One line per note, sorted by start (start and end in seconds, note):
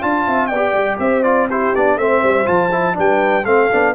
0.00 0.27 D4
0.00 0.51 F4
0.00 0.25 F5
0.00 0.47 A5
0.27 0.51 C4
0.27 0.51 E5
0.47 0.73 B3
0.47 1.00 D5
0.47 0.97 G5
0.56 1.24 G4
0.73 0.98 G3
0.99 1.73 C4
0.99 1.51 C5
0.99 1.23 E5
1.23 1.49 F4
1.23 1.48 D5
1.51 1.76 E4
1.51 1.98 G4
1.51 1.76 C5
1.76 1.97 B3
1.76 2.00 D4
1.76 1.99 D5
1.97 2.22 A3
1.97 2.45 C4
1.97 2.96 C5
1.97 2.47 E5
2.23 2.48 G3
2.45 2.97 F3
2.45 2.70 F4
2.45 2.97 A5
2.72 2.94 E4
2.94 3.45 G3
2.94 3.43 D4
2.94 3.47 B4
2.94 3.46 G5
3.45 3.69 A3
3.45 3.71 C4
3.45 3.95 A4
3.45 3.95 F5
3.71 3.95 B3
3.71 3.95 D4